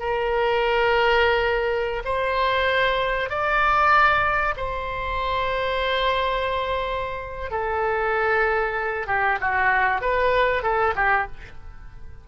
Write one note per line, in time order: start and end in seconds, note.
0.00 2.03 A#4
2.05 3.30 C5
3.30 4.55 D5
4.57 7.51 C5
7.51 9.07 A4
9.07 9.39 G4
9.41 10.01 F#4
10.01 10.63 B4
10.63 10.94 A4
10.96 11.27 G4